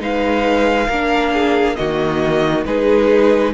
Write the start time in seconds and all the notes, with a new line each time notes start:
0.00 G#3 D#4 B4 F5
0.88 A#3 D4 A#4
1.33 G#4
1.76 D#3 A#3 F#4 D#5
2.65 G#3 D#4 G#4 B4